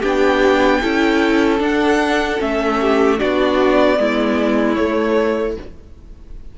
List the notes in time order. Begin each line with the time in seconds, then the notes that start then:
0.00 B3 D4 G4 G5
0.82 C#4 E4 A4
1.59 D4 F#5
2.39 A3 C#4 E5
2.81 G4
3.18 B3 D4 F#4 D5
3.96 G#3 B3 E4
4.75 A3 C#5